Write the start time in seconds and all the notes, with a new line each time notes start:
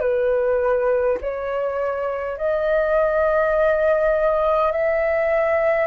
0.00 B4
1.20 C#5
2.37 D#5
4.71 E5